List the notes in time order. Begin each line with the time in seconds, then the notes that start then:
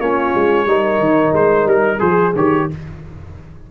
0.00 A#3 C#4 F4 C#5
0.35 G#3
0.67 G3 D#4 A#4
1.00 D#3
1.33 G#3 C5
1.66 G3 A#4
1.99 F3 G#4 C5
2.36 D#3 G4 C#5